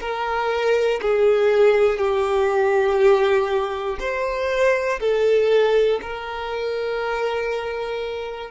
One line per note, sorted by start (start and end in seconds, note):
0.00 1.00 A#4
1.01 1.98 G#4
1.98 3.98 G4
4.00 5.00 C5
5.00 6.00 A4
6.01 8.50 A#4